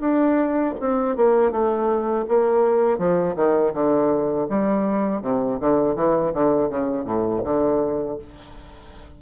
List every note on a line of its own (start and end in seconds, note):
0.00 0.74 D4
0.80 1.16 C4
1.16 1.52 A#3
1.52 2.26 A3
2.28 2.98 A#3
2.98 3.35 F3
3.36 3.73 D#3
3.73 4.47 D3
4.49 5.22 G3
5.22 5.59 C3
5.60 5.96 D3
5.96 6.33 E3
6.34 6.69 D3
6.69 7.05 C#3
7.05 7.42 A2
7.44 8.18 D3